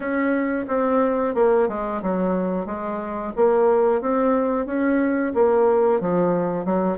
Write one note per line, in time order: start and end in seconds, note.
0.00 0.65 C#4
0.68 1.34 C4
1.35 1.68 A#3
1.68 2.02 G#3
2.02 2.65 F#3
2.65 3.32 G#3
3.35 4.01 A#3
4.01 4.66 C4
4.66 5.32 C#4
5.34 6.00 A#3
6.00 6.65 F3
6.65 6.98 F#3